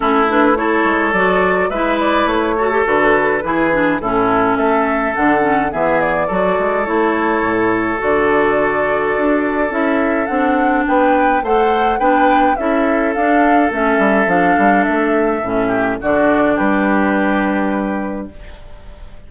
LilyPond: <<
  \new Staff \with { instrumentName = "flute" } { \time 4/4 \tempo 4 = 105 a'8 b'8 cis''4 d''4 e''8 d''8 | cis''4 b'2 a'4 | e''4 fis''4 e''8 d''4. | cis''2 d''2~ |
d''4 e''4 fis''4 g''4 | fis''4 g''4 e''4 f''4 | e''4 f''4 e''2 | d''4 b'2. | }
  \new Staff \with { instrumentName = "oboe" } { \time 4/4 e'4 a'2 b'4~ | b'8 a'4. gis'4 e'4 | a'2 gis'4 a'4~ | a'1~ |
a'2. b'4 | c''4 b'4 a'2~ | a'2.~ a'8 g'8 | fis'4 g'2. | }
  \new Staff \with { instrumentName = "clarinet" } { \time 4/4 cis'8 d'8 e'4 fis'4 e'4~ | e'8 fis'16 g'16 fis'4 e'8 d'8 cis'4~ | cis'4 d'8 cis'8 b4 fis'4 | e'2 fis'2~ |
fis'4 e'4 d'2 | a'4 d'4 e'4 d'4 | cis'4 d'2 cis'4 | d'1 | }
  \new Staff \with { instrumentName = "bassoon" } { \time 4/4 a4. gis8 fis4 gis4 | a4 d4 e4 a,4 | a4 d4 e4 fis8 gis8 | a4 a,4 d2 |
d'4 cis'4 c'4 b4 | a4 b4 cis'4 d'4 | a8 g8 f8 g8 a4 a,4 | d4 g2. | }
>>